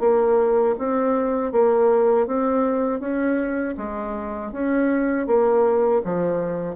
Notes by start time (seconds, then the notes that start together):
0.00 A#3
0.78 C4
1.52 A#3
2.27 C4
3.00 C#4
3.77 G#3
4.52 C#4
5.27 A#3
6.04 F3